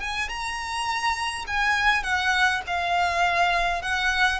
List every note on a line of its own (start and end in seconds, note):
0.00 0.29 G#5
0.29 1.45 A#5
1.47 2.03 G#5
2.03 2.62 F#5
2.67 3.82 F5
3.82 4.40 F#5